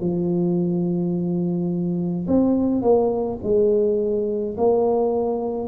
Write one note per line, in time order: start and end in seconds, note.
0.00 2.26 F3
2.27 2.81 C4
2.81 3.38 A#3
3.43 4.56 G#3
4.57 5.68 A#3